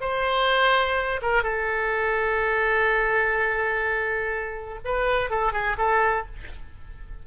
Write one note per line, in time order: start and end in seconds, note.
0.00 1.20 C5
1.22 1.43 A#4
1.43 4.79 A4
4.84 5.30 B4
5.30 5.52 A4
5.52 5.76 G#4
5.77 6.25 A4